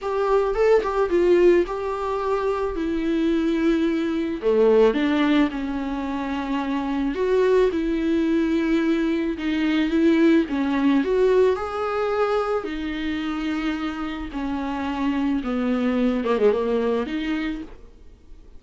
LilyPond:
\new Staff \with { instrumentName = "viola" } { \time 4/4 \tempo 4 = 109 g'4 a'8 g'8 f'4 g'4~ | g'4 e'2. | a4 d'4 cis'2~ | cis'4 fis'4 e'2~ |
e'4 dis'4 e'4 cis'4 | fis'4 gis'2 dis'4~ | dis'2 cis'2 | b4. ais16 gis16 ais4 dis'4 | }